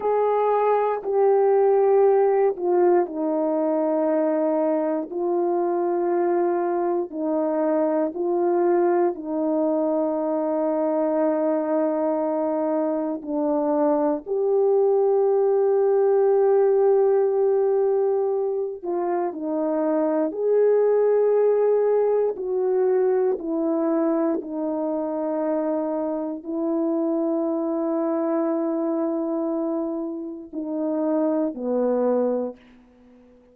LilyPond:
\new Staff \with { instrumentName = "horn" } { \time 4/4 \tempo 4 = 59 gis'4 g'4. f'8 dis'4~ | dis'4 f'2 dis'4 | f'4 dis'2.~ | dis'4 d'4 g'2~ |
g'2~ g'8 f'8 dis'4 | gis'2 fis'4 e'4 | dis'2 e'2~ | e'2 dis'4 b4 | }